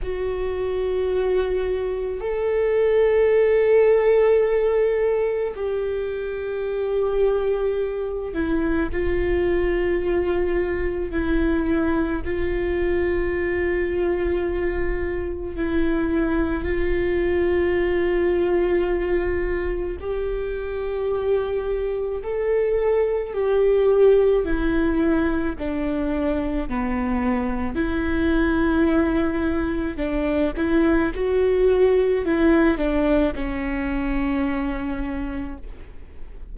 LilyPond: \new Staff \with { instrumentName = "viola" } { \time 4/4 \tempo 4 = 54 fis'2 a'2~ | a'4 g'2~ g'8 e'8 | f'2 e'4 f'4~ | f'2 e'4 f'4~ |
f'2 g'2 | a'4 g'4 e'4 d'4 | b4 e'2 d'8 e'8 | fis'4 e'8 d'8 cis'2 | }